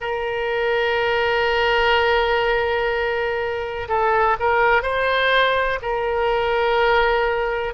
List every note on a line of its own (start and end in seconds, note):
0.00 3.88 A#4
3.88 4.36 A4
4.39 4.82 A#4
4.82 5.79 C5
5.82 7.74 A#4